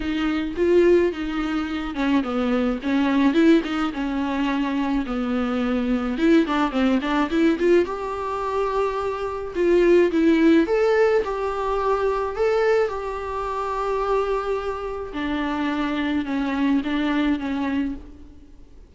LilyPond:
\new Staff \with { instrumentName = "viola" } { \time 4/4 \tempo 4 = 107 dis'4 f'4 dis'4. cis'8 | b4 cis'4 e'8 dis'8 cis'4~ | cis'4 b2 e'8 d'8 | c'8 d'8 e'8 f'8 g'2~ |
g'4 f'4 e'4 a'4 | g'2 a'4 g'4~ | g'2. d'4~ | d'4 cis'4 d'4 cis'4 | }